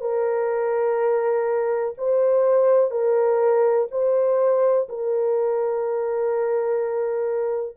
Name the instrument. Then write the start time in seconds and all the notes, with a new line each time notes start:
horn
0.00 A#4
1.98 C5
2.90 A#4
3.91 C5
4.89 A#4